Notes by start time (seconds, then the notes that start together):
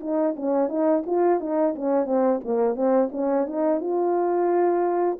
0.00 D#4
0.36 C#4
0.68 D#4
1.06 F4
1.40 D#4
1.75 C#4
2.05 C4
2.44 A#3
2.75 C4
3.11 C#4
3.46 D#4
3.80 F4